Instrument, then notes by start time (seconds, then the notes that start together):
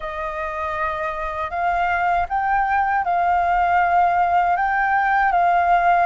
flute
0.00 D#5
1.50 F5
2.28 G5
3.04 F5
4.56 G5
5.32 F5